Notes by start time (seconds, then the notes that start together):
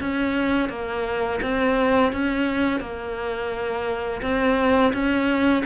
0.00 C#4
0.69 A#3
1.42 C4
2.12 C#4
2.80 A#3
4.22 C4
4.93 C#4